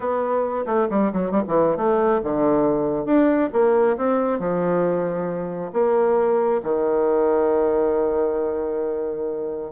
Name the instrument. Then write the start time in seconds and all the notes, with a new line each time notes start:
bassoon
0.00 B3
0.65 A3
0.90 G3
1.12 F#3
1.31 G3
1.47 E3
1.76 A3
2.23 D3
3.05 D4
3.53 A#3
3.97 C4
4.39 F3
5.72 A#3
6.63 D#3